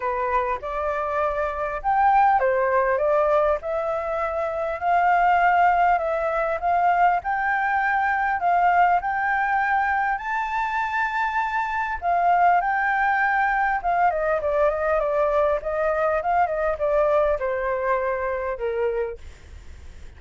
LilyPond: \new Staff \with { instrumentName = "flute" } { \time 4/4 \tempo 4 = 100 b'4 d''2 g''4 | c''4 d''4 e''2 | f''2 e''4 f''4 | g''2 f''4 g''4~ |
g''4 a''2. | f''4 g''2 f''8 dis''8 | d''8 dis''8 d''4 dis''4 f''8 dis''8 | d''4 c''2 ais'4 | }